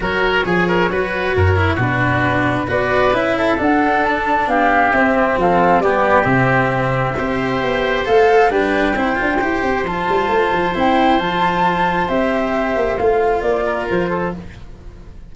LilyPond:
<<
  \new Staff \with { instrumentName = "flute" } { \time 4/4 \tempo 4 = 134 cis''1 | b'2 d''4 e''4 | fis''4 a''4 f''4 e''4 | f''4 d''4 e''2~ |
e''2 f''4 g''4~ | g''2 a''2 | g''4 a''2 e''4~ | e''4 f''4 d''4 c''4 | }
  \new Staff \with { instrumentName = "oboe" } { \time 4/4 ais'4 gis'8 ais'8 b'4 ais'4 | fis'2 b'4. a'8~ | a'2 g'2 | a'4 g'2. |
c''2. b'4 | c''1~ | c''1~ | c''2~ c''8 ais'4 a'8 | }
  \new Staff \with { instrumentName = "cello" } { \time 4/4 fis'4 gis'4 fis'4. e'8 | d'2 fis'4 e'4 | d'2. c'4~ | c'4 b4 c'2 |
g'2 a'4 d'4 | e'8 f'8 g'4 f'2 | e'4 f'2 g'4~ | g'4 f'2. | }
  \new Staff \with { instrumentName = "tuba" } { \time 4/4 fis4 f4 fis4 fis,4 | b,2 b4 cis'4 | d'2 b4 c'4 | f4 g4 c2 |
c'4 b4 a4 g4 | c'8 d'8 e'8 c'8 f8 g8 a8 f8 | c'4 f2 c'4~ | c'8 ais8 a4 ais4 f4 | }
>>